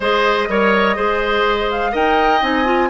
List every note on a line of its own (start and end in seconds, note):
0.00 0.47 G#3
0.00 0.49 G#4
0.00 0.48 C5
0.00 1.70 D#5
0.48 0.96 G3
0.48 0.95 A#4
0.48 0.96 C#5
0.95 1.94 G#3
0.95 1.92 G#4
0.95 1.91 C5
1.71 1.95 F5
1.91 2.41 D#4
1.91 2.40 A#4
1.91 2.88 D#5
1.91 2.43 G5
2.41 2.90 C4
2.41 2.65 D#4
2.41 2.90 G#5
2.65 2.89 F4